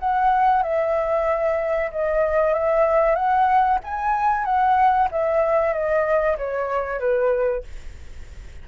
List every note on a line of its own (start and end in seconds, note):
0.00 0.63 F#5
0.63 1.91 E5
1.91 2.54 D#5
2.54 3.15 E5
3.15 3.79 F#5
3.84 4.45 G#5
4.45 5.09 F#5
5.11 5.73 E5
5.73 6.37 D#5
6.37 7.00 C#5
7.00 7.64 B4